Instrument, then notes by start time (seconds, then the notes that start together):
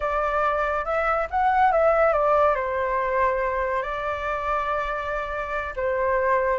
flute
0.00 D5
0.84 E5
1.30 F#5
1.71 E5
2.12 D5
2.55 C5
3.82 D5
5.76 C5